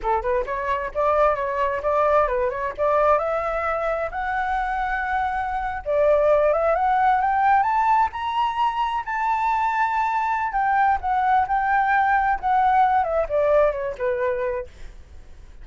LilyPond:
\new Staff \with { instrumentName = "flute" } { \time 4/4 \tempo 4 = 131 a'8 b'8 cis''4 d''4 cis''4 | d''4 b'8 cis''8 d''4 e''4~ | e''4 fis''2.~ | fis''8. d''4. e''8 fis''4 g''16~ |
g''8. a''4 ais''2 a''16~ | a''2. g''4 | fis''4 g''2 fis''4~ | fis''8 e''8 d''4 cis''8 b'4. | }